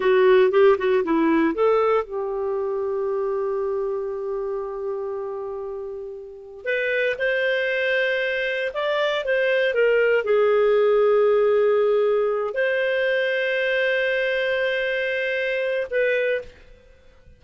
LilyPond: \new Staff \with { instrumentName = "clarinet" } { \time 4/4 \tempo 4 = 117 fis'4 g'8 fis'8 e'4 a'4 | g'1~ | g'1~ | g'4 b'4 c''2~ |
c''4 d''4 c''4 ais'4 | gis'1~ | gis'8 c''2.~ c''8~ | c''2. b'4 | }